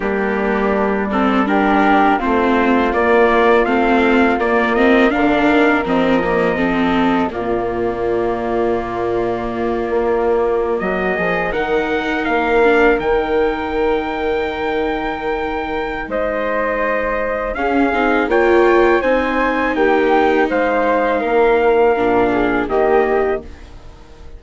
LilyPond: <<
  \new Staff \with { instrumentName = "trumpet" } { \time 4/4 \tempo 4 = 82 g'4. a'8 ais'4 c''4 | d''4 f''4 d''8 dis''8 f''4 | dis''2 d''2~ | d''2~ d''8. dis''4 fis''16~ |
fis''8. f''4 g''2~ g''16~ | g''2 dis''2 | f''4 g''4 gis''4 g''4 | f''2. dis''4 | }
  \new Staff \with { instrumentName = "flute" } { \time 4/4 d'2 g'4 f'4~ | f'2. ais'4~ | ais'4 a'4 f'2~ | f'2~ f'8. fis'8 gis'8 ais'16~ |
ais'1~ | ais'2 c''2 | gis'4 cis''4 c''4 g'4 | c''4 ais'4. gis'8 g'4 | }
  \new Staff \with { instrumentName = "viola" } { \time 4/4 ais4. c'8 d'4 c'4 | ais4 c'4 ais8 c'8 d'4 | c'8 ais8 c'4 ais2~ | ais2.~ ais8. dis'16~ |
dis'4~ dis'16 d'8 dis'2~ dis'16~ | dis'1 | cis'8 dis'8 f'4 dis'2~ | dis'2 d'4 ais4 | }
  \new Staff \with { instrumentName = "bassoon" } { \time 4/4 g2. a4 | ais4 a4 ais4 d8 dis8 | f2 ais,2~ | ais,4. ais4~ ais16 fis8 f8 dis16~ |
dis8. ais4 dis2~ dis16~ | dis2 gis2 | cis'8 c'8 ais4 c'4 ais4 | gis4 ais4 ais,4 dis4 | }
>>